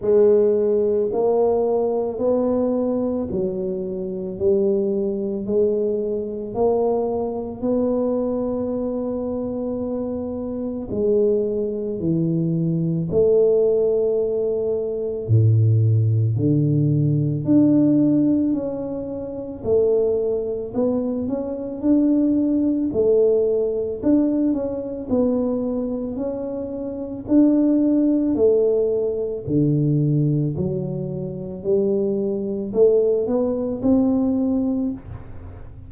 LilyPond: \new Staff \with { instrumentName = "tuba" } { \time 4/4 \tempo 4 = 55 gis4 ais4 b4 fis4 | g4 gis4 ais4 b4~ | b2 gis4 e4 | a2 a,4 d4 |
d'4 cis'4 a4 b8 cis'8 | d'4 a4 d'8 cis'8 b4 | cis'4 d'4 a4 d4 | fis4 g4 a8 b8 c'4 | }